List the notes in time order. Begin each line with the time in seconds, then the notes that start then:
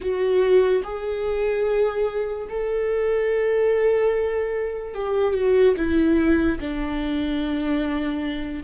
0.00 F#4
0.83 G#4
2.49 A4
4.94 G4
5.33 F#4
5.76 E4
6.59 D4